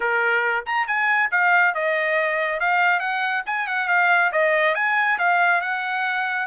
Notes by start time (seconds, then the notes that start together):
0.00 A#4
0.66 A#5
0.87 G#5
1.31 F5
1.74 D#5
2.60 F5
2.99 F#5
3.46 G#5
3.67 F#5
3.88 F5
4.31 D#5
4.75 G#5
5.18 F5
5.61 F#5